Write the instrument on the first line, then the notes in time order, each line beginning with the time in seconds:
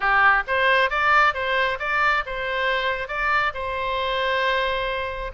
oboe
0.00 G4
0.47 C5
0.90 D5
1.34 C5
1.79 D5
2.26 C5
3.08 D5
3.54 C5